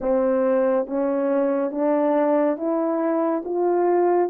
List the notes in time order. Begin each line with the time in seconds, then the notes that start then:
0.00 C4
0.86 C#4
1.71 D4
2.57 E4
3.44 F4